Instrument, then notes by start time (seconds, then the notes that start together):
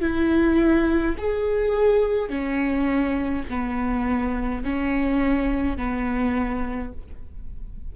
viola
0.00 E4
1.17 G#4
2.29 C#4
3.49 B3
4.64 C#4
5.77 B3